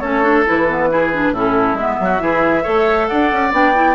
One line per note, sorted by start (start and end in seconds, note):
0.00 0.46 A3
0.00 0.22 C#4
0.00 0.89 A4
0.00 0.44 C#5
0.22 0.44 D4
0.46 1.30 E3
0.46 0.68 E4
0.46 1.35 B4
0.69 0.90 B3
0.90 1.12 E4
0.90 1.33 G#4
1.13 1.35 D4
1.30 1.74 A2
1.30 1.78 C#4
1.30 1.99 E4
1.30 1.76 A4
1.74 1.95 G#3
1.74 2.19 B3
1.74 3.08 E5
2.00 2.21 F#3
2.00 2.21 F#4
2.19 2.64 E3
2.19 2.63 E4
2.19 2.63 G#4
2.63 3.11 A3
2.63 3.51 A4
2.63 3.07 C#5
3.08 3.33 D4
3.08 3.95 D5
3.08 3.51 F#5
3.33 3.52 C#4
3.51 3.95 B3
3.51 3.73 D4
3.51 3.95 G5
3.74 3.95 E4